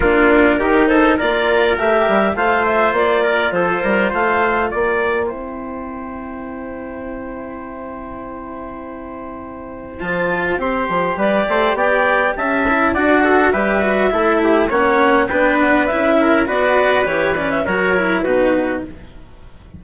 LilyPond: <<
  \new Staff \with { instrumentName = "clarinet" } { \time 4/4 \tempo 4 = 102 ais'4. c''8 d''4 e''4 | f''8 e''8 d''4 c''4 f''4 | g''1~ | g''1~ |
g''4 a''4 c'''4 d''4 | g''4 a''4 fis''4 e''4~ | e''4 fis''4 g''8 fis''8 e''4 | d''4 cis''8 d''16 e''16 cis''4 b'4 | }
  \new Staff \with { instrumentName = "trumpet" } { \time 4/4 f'4 g'8 a'8 ais'2 | c''4. ais'8 a'8 ais'8 c''4 | d''4 c''2.~ | c''1~ |
c''2. b'8 c''8 | d''4 e''4 d''8 a'8 b'4 | a'8 g'8 cis''4 b'4. ais'8 | b'2 ais'4 fis'4 | }
  \new Staff \with { instrumentName = "cello" } { \time 4/4 d'4 dis'4 f'4 g'4 | f'1~ | f'4 e'2.~ | e'1~ |
e'4 f'4 g'2~ | g'4. e'8 fis'4 g'8 fis'8 | e'4 cis'4 d'4 e'4 | fis'4 g'8 cis'8 fis'8 e'8 dis'4 | }
  \new Staff \with { instrumentName = "bassoon" } { \time 4/4 ais4 dis4 ais4 a8 g8 | a4 ais4 f8 g8 a4 | ais4 c'2.~ | c'1~ |
c'4 f4 c'8 f8 g8 a8 | b4 cis'4 d'4 g4 | a4 ais4 b4 cis'4 | b4 e4 fis4 b,4 | }
>>